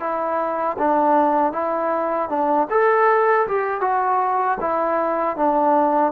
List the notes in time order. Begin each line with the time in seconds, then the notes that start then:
0.00 E4
0.78 D4
1.52 E4
2.29 D4
2.70 A4
3.47 G4
3.81 F#4
4.60 E4
5.36 D4